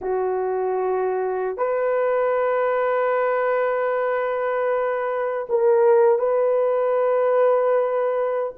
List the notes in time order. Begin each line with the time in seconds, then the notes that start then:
0.01 F#4
1.57 B4
5.49 A#4
6.18 B4